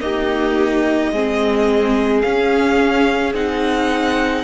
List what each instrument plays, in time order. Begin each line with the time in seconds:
0.00 viola A#3, cello D#4, violin G4 D#5
1.12 cello G#3, viola C4, violin G#4
2.22 viola C#4, cello C#4, violin F5
3.33 cello C4, viola D#4, violin F#5